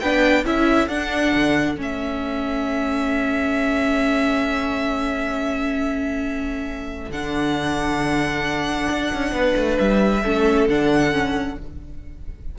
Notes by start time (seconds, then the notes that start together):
0.00 B3 D4 B4 G5
0.44 C#4 E4 A4 E5
0.88 D4 F#5
1.34 D3
1.77 A3 C#4 E5
7.09 D3 D4 F#5
8.90 D4
9.13 C#4
9.32 B3 B4
9.56 A3
9.79 G3 E5
10.22 A3 C#4 A4
10.68 D3 D4 F#5
11.12 C#4